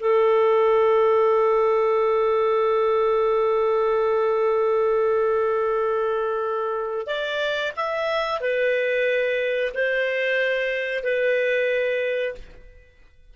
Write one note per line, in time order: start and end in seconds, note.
0.00 7.07 A4
7.07 7.73 D5
7.76 8.41 E5
8.41 9.73 B4
9.74 11.03 C5
11.03 12.35 B4